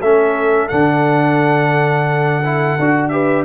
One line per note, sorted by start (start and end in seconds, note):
0.00 0.70 A3
0.00 0.70 C#4
0.00 3.10 A4
0.00 0.68 E5
0.68 2.78 D3
0.68 2.43 D4
0.68 3.08 F#5
2.44 2.79 E4
2.79 3.45 D4
2.79 3.11 F#4
3.08 3.45 G4
3.08 3.45 B4
3.08 3.43 E5